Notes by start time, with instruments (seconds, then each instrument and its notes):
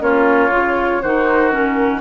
0.00 bassoon A#3, clarinet C#4, oboe F4, flute C#5
0.50 bassoon C#3, clarinet F4
1.02 bassoon D#3, clarinet D#4, oboe F#4, flute C5
1.49 clarinet C#4, flute A#4